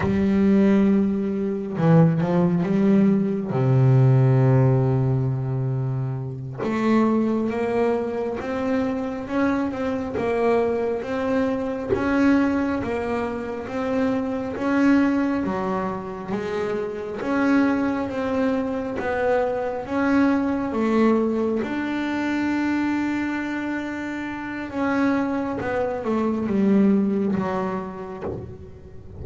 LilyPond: \new Staff \with { instrumentName = "double bass" } { \time 4/4 \tempo 4 = 68 g2 e8 f8 g4 | c2.~ c8 a8~ | a8 ais4 c'4 cis'8 c'8 ais8~ | ais8 c'4 cis'4 ais4 c'8~ |
c'8 cis'4 fis4 gis4 cis'8~ | cis'8 c'4 b4 cis'4 a8~ | a8 d'2.~ d'8 | cis'4 b8 a8 g4 fis4 | }